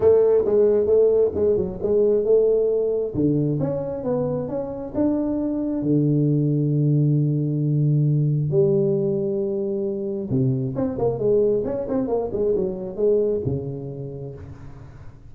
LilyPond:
\new Staff \with { instrumentName = "tuba" } { \time 4/4 \tempo 4 = 134 a4 gis4 a4 gis8 fis8 | gis4 a2 d4 | cis'4 b4 cis'4 d'4~ | d'4 d2.~ |
d2. g4~ | g2. c4 | c'8 ais8 gis4 cis'8 c'8 ais8 gis8 | fis4 gis4 cis2 | }